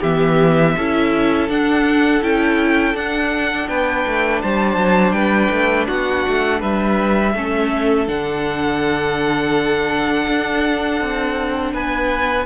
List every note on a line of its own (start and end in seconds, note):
0.00 0.76 E3
0.00 0.78 B3
0.00 0.73 G4
0.00 1.49 E5
0.77 1.49 C#4
0.77 1.49 E4
0.77 3.69 A4
1.49 2.22 D4
1.49 2.23 F#5
2.22 2.95 C#4
2.22 2.95 E4
2.22 2.96 G5
2.95 3.68 D4
2.95 7.34 D4
2.95 3.68 F#5
3.68 4.05 B3
3.68 4.42 B4
3.68 4.42 G5
4.07 4.43 A3
4.42 4.76 G3
4.42 5.15 C5
4.42 5.12 A5
4.76 5.12 F#3
5.12 5.49 G3
5.12 5.88 B4
5.12 5.85 G5
5.51 5.87 A3
5.88 6.26 B3
5.88 6.60 F#4
5.88 6.61 F#5
6.29 6.62 A3
6.60 7.35 G3
6.60 7.33 B4
6.60 8.08 E5
7.35 8.08 A3
7.35 8.07 C#4
7.35 11.73 A4
8.07 10.28 D3
8.07 12.46 D4
8.07 11.74 F#5
10.28 11.01 D4
11.01 11.74 C4
11.73 12.46 B3
11.73 12.46 B4
11.73 12.46 G#5